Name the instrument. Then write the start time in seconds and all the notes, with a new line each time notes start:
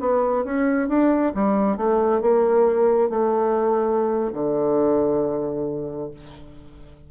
bassoon
0.00 B3
0.44 C#4
0.88 D4
1.34 G3
1.77 A3
2.21 A#3
3.09 A3
4.33 D3